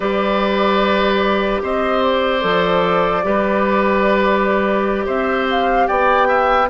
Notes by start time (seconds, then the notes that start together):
0.00 G3 G4 B4 D5
1.62 C4 C5 D#5
2.03 D5
2.41 F3 A4
3.22 G3 G4 B4
5.05 C4 C5 E5
5.50 F5
5.87 B3 D5 G5
6.28 E5